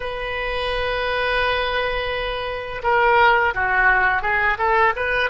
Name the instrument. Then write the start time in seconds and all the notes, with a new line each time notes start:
oboe
0.00 B4
2.83 A#4
3.54 F#4
4.22 G#4
4.58 A4
4.95 B4